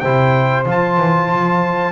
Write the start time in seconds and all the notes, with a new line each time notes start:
0.00 C3 E4 C5 G5
0.66 F3 F4 A5
0.97 E3
1.30 F3